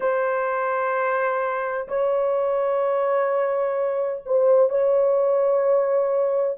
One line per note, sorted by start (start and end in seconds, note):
0.00 1.87 C5
1.87 4.22 C#5
4.25 4.69 C5
4.69 6.57 C#5